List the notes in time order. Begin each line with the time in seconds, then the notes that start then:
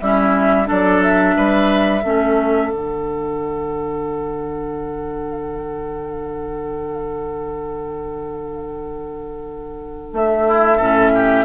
0.00 G3 C#4 E4 E5
0.65 F#3 D4 A4 D5
1.02 E5
1.36 G3 B4
2.03 A3 C#4 A4
2.70 D3 D4 F#5
10.13 A3 E5
10.47 E4
10.77 A2 C#4 A4
11.15 G4